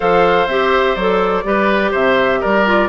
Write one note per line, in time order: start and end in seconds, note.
0.00 0.46 F3
0.00 0.48 A4
0.00 1.44 C5
0.00 0.47 F5
0.46 0.95 C4
0.46 0.97 G4
0.46 0.95 E5
0.95 1.44 F#3
0.95 1.44 A4
0.95 1.92 D5
1.44 1.92 G3
1.44 2.65 G4
1.44 1.91 B4
1.91 2.42 C3
1.91 2.39 C5
1.91 2.41 E5
2.41 2.88 G3
2.41 2.88 A#4
2.41 2.88 D5
2.65 2.88 F4